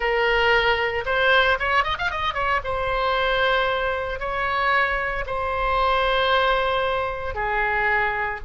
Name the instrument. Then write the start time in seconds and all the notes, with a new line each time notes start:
oboe
0.00 A#4
1.05 C5
1.59 C#5
1.83 D#5
1.98 F5
2.10 D#5
2.34 C#5
2.64 C5
4.19 C#5
5.26 C5
7.34 G#4